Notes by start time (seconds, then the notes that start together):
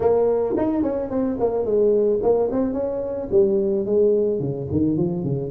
0.00 A#3
0.57 D#4
0.82 C#4
1.09 C4
1.39 A#3
1.65 G#3
2.22 A#3
2.51 C4
2.73 C#4
3.31 G3
3.85 G#3
4.39 C#3
4.71 D#3
4.97 F3
5.23 C#3